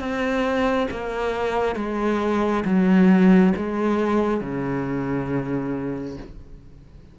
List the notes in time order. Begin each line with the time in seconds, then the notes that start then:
0.00 C4
0.91 A#3
1.76 G#3
2.66 F#3
3.57 G#3
4.41 C#3